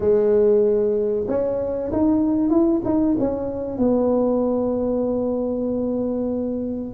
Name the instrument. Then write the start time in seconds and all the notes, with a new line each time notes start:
tuba
0.00 G#3
1.27 C#4
1.91 D#4
2.50 E4
2.84 D#4
3.19 C#4
3.78 B3